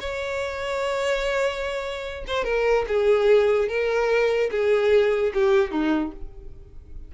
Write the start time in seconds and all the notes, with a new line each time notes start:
0.00 C#5
2.28 C5
2.44 A#4
2.88 G#4
3.69 A#4
4.51 G#4
5.34 G4
5.71 D#4